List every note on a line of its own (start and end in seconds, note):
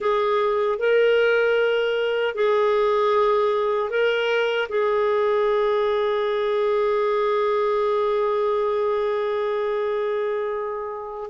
0.00 0.78 G#4
0.78 2.34 A#4
2.34 3.90 G#4
3.90 4.68 A#4
4.68 11.30 G#4